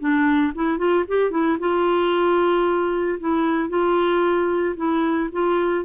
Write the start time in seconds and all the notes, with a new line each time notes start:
0.00 D4
0.55 E4
0.78 F4
1.08 G4
1.31 E4
1.60 F4
3.20 E4
3.69 F4
4.77 E4
5.32 F4